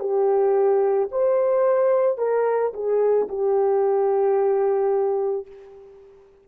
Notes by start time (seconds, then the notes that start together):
0.00 G4
1.12 C5
2.18 A#4
2.74 G#4
3.29 G4